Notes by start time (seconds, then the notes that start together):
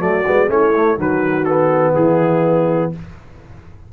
0.00 F#3 A3 F#4 D5
0.27 G#3 B3
0.48 A3 C#4 E4 C#5
0.76 A3
0.98 D#3 F#3 F#4 B4
1.45 B3 A4
1.94 E3 E4 G#4